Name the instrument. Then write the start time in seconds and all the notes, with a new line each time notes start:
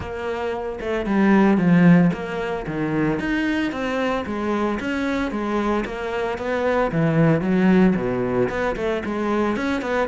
cello
0.00 A#3
0.80 A3
1.06 G3
1.57 F3
2.13 A#3
2.67 D#3
3.19 D#4
3.71 C4
4.26 G#3
4.80 C#4
5.31 G#3
5.85 A#3
6.38 B3
6.91 E3
7.41 F#3
7.95 B2
8.49 B3
8.76 A3
9.05 G#3
9.56 C#4
9.81 B3